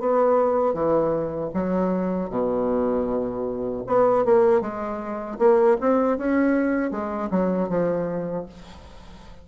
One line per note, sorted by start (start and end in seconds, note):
0.00 0.74 B3
0.74 1.51 E3
1.54 2.30 F#3
2.30 3.84 B2
3.86 4.25 B3
4.25 4.61 A#3
4.61 5.38 G#3
5.38 5.77 A#3
5.80 6.17 C4
6.17 6.91 C#4
6.91 7.29 G#3
7.31 7.69 F#3
7.69 8.46 F3